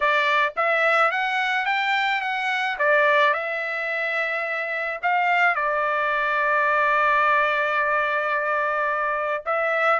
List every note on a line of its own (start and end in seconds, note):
0.00 0.53 D5
0.56 1.11 E5
1.11 1.65 F#5
1.65 2.21 G5
2.21 2.76 F#5
2.79 3.33 D5
3.33 5.00 E5
5.02 5.55 F5
5.55 9.44 D5
9.45 9.99 E5